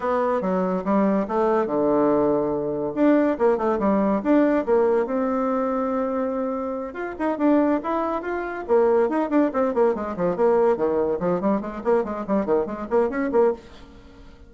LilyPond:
\new Staff \with { instrumentName = "bassoon" } { \time 4/4 \tempo 4 = 142 b4 fis4 g4 a4 | d2. d'4 | ais8 a8 g4 d'4 ais4 | c'1~ |
c'8 f'8 dis'8 d'4 e'4 f'8~ | f'8 ais4 dis'8 d'8 c'8 ais8 gis8 | f8 ais4 dis4 f8 g8 gis8 | ais8 gis8 g8 dis8 gis8 ais8 cis'8 ais8 | }